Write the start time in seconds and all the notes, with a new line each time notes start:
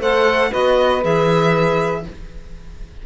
0.00 A3 A4 C5 F#5
0.51 B3 F#4 B4 D#5
1.02 E3 G#4 E5